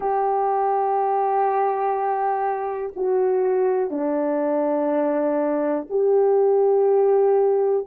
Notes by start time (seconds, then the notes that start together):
0.00 G4
2.96 F#4
3.90 D4
5.89 G4